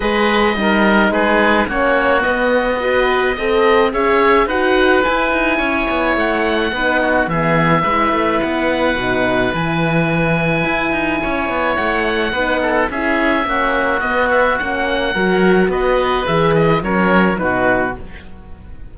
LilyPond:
<<
  \new Staff \with { instrumentName = "oboe" } { \time 4/4 \tempo 4 = 107 dis''2 b'4 cis''4 | dis''2. e''4 | fis''4 gis''2 fis''4~ | fis''4 e''2 fis''4~ |
fis''4 gis''2.~ | gis''4 fis''2 e''4~ | e''4 dis''8 e''8 fis''2 | dis''4 e''8 dis''8 cis''4 b'4 | }
  \new Staff \with { instrumentName = "oboe" } { \time 4/4 b'4 ais'4 gis'4 fis'4~ | fis'4 b'4 dis''4 cis''4 | b'2 cis''2 | b'8 fis'8 gis'4 b'2~ |
b'1 | cis''2 b'8 a'8 gis'4 | fis'2. ais'4 | b'2 ais'4 fis'4 | }
  \new Staff \with { instrumentName = "horn" } { \time 4/4 gis'4 dis'2 cis'4 | b4 fis'4 a'4 gis'4 | fis'4 e'2. | dis'4 b4 e'2 |
dis'4 e'2.~ | e'2 dis'4 e'4 | cis'4 b4 cis'4 fis'4~ | fis'4 gis'4 cis'4 dis'4 | }
  \new Staff \with { instrumentName = "cello" } { \time 4/4 gis4 g4 gis4 ais4 | b2 c'4 cis'4 | dis'4 e'8 dis'8 cis'8 b8 a4 | b4 e4 gis8 a8 b4 |
b,4 e2 e'8 dis'8 | cis'8 b8 a4 b4 cis'4 | ais4 b4 ais4 fis4 | b4 e4 fis4 b,4 | }
>>